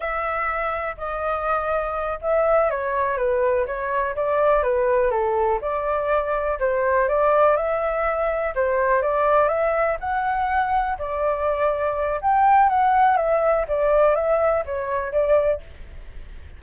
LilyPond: \new Staff \with { instrumentName = "flute" } { \time 4/4 \tempo 4 = 123 e''2 dis''2~ | dis''8 e''4 cis''4 b'4 cis''8~ | cis''8 d''4 b'4 a'4 d''8~ | d''4. c''4 d''4 e''8~ |
e''4. c''4 d''4 e''8~ | e''8 fis''2 d''4.~ | d''4 g''4 fis''4 e''4 | d''4 e''4 cis''4 d''4 | }